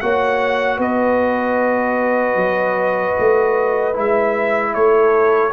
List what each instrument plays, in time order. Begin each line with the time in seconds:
0.00 tuba A#3, trombone F#4, horn C#5, trumpet F#5
0.76 tuba B3, horn B4, trumpet D#5
2.35 tuba F#3
3.18 tuba A3
3.93 tuba G#3, trombone E4, trumpet E5
4.74 tuba A3, horn A4, trumpet C#5